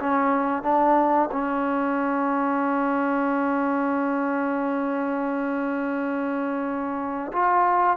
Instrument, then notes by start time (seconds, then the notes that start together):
trombone
0.00 C#4
0.62 D4
1.32 C#4
7.32 F4